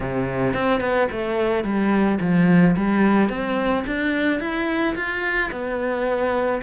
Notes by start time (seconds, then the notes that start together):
0.00 C3
0.53 C4
0.80 B3
1.11 A3
1.64 G3
2.20 F3
2.76 G3
3.29 C4
3.86 D4
4.40 E4
4.95 F4
5.51 B3